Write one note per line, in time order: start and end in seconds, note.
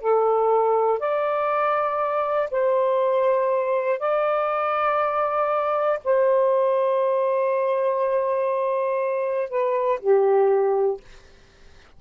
0.00 0.99 A4
0.99 2.49 D5
2.50 3.99 C5
3.99 5.99 D5
6.04 9.49 C5
9.49 9.99 B4
10.00 11.00 G4